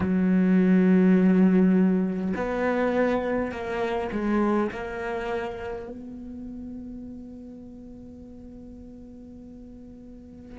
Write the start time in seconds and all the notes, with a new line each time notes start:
0.00 F#3
2.36 B3
3.51 A#3
4.12 G#3
4.72 A#3
5.89 B3